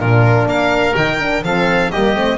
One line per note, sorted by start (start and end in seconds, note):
0.00 0.46 A#2
0.00 0.95 D4
0.00 0.48 F4
0.00 0.49 A#4
0.46 0.94 A#3
0.46 1.45 A#4
0.46 0.96 F5
0.95 1.43 D#3
0.95 1.19 D#4
0.95 1.44 G5
1.20 1.44 D4
1.43 1.91 F3
1.43 1.92 C4
1.43 1.92 A4
1.43 1.91 F5
1.91 2.16 G3
1.91 2.16 A#3
1.91 2.39 G4
1.91 2.39 D#5
2.16 2.39 A3
2.16 2.39 C4